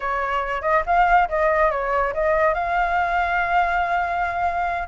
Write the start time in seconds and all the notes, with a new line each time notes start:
0.00 C#5
0.61 D#5
0.85 F5
1.28 D#5
1.70 C#5
2.13 D#5
2.54 F5